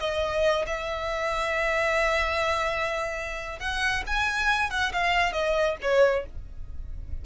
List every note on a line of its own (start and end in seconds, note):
0.00 0.66 D#5
0.67 3.60 E5
3.60 4.03 F#5
4.07 4.70 G#5
4.70 4.92 F#5
4.93 5.33 F5
5.33 5.76 D#5
5.82 6.26 C#5